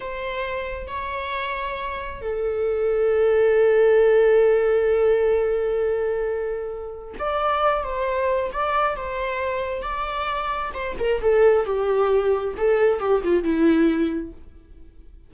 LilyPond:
\new Staff \with { instrumentName = "viola" } { \time 4/4 \tempo 4 = 134 c''2 cis''2~ | cis''4 a'2.~ | a'1~ | a'1 |
d''4. c''4. d''4 | c''2 d''2 | c''8 ais'8 a'4 g'2 | a'4 g'8 f'8 e'2 | }